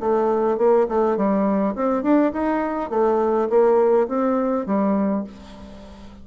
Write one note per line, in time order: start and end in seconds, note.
0.00 0.57 A3
0.57 0.87 A#3
0.88 1.17 A3
1.17 1.75 G3
1.75 2.03 C4
2.03 2.32 D4
2.33 2.90 D#4
2.90 3.48 A3
3.50 4.08 A#3
4.08 4.66 C4
4.66 5.24 G3